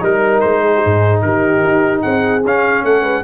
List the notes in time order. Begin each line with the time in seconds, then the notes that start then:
0.00 G3 D#4 A#4
0.40 G#3 C5
0.62 G#4
0.74 G4
0.82 G#2 G#4
1.22 D#3 G4 A#4
1.63 D#4
2.02 C4 G#4 F#5
2.44 C#4 F5
2.84 A3 A4 F#5
3.01 G#3 B4